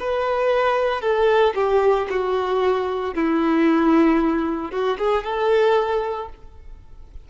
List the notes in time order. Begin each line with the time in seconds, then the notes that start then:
0.00 B4
1.01 A4
1.55 G4
2.10 F#4
3.14 E4
4.71 F#4
4.98 G#4
5.23 A4